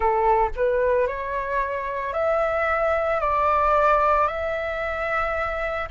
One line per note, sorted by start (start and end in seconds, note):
0.00 0.49 A4
0.56 1.07 B4
1.07 2.13 C#5
2.13 3.20 E5
3.20 4.27 D5
4.27 5.88 E5